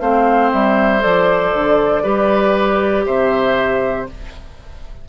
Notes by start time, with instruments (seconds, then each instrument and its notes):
0.00 bassoon A3, clarinet C4, oboe C5, flute F5
0.52 bassoon G3, flute E5
1.00 bassoon F3, clarinet A4, flute D5
1.54 bassoon D3
2.03 bassoon G3, clarinet G4, oboe B4
3.05 bassoon C3, oboe C5, flute E5